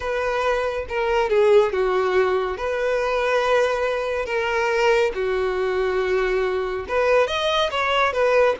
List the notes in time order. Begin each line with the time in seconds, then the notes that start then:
0.00 B4
0.88 A#4
1.29 G#4
1.72 F#4
2.57 B4
4.25 A#4
5.14 F#4
6.88 B4
7.27 D#5
7.70 C#5
8.12 B4